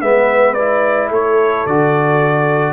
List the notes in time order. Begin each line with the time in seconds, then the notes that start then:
0.00 G#3 B3 B4 E5
0.54 E4 D5
1.10 A3 A4 C#5
1.66 D3 F#4 D5